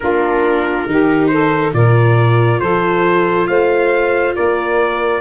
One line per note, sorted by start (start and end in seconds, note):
0.00 0.86 A#3
0.00 0.89 D4
0.00 0.88 F4
0.00 1.27 A#4
0.86 1.73 D#3
0.86 1.74 D#4
0.86 1.31 G4
1.27 1.74 A4
1.27 1.70 C5
1.73 2.60 A#2
1.73 5.21 F4
1.73 2.60 A#4
1.73 2.60 D5
2.60 3.48 F3
2.60 3.47 A4
2.60 3.47 C5
3.47 4.35 A3
3.47 4.34 C5
3.47 4.34 F5
4.34 5.21 A#3
4.34 5.21 A#4
4.34 5.21 D5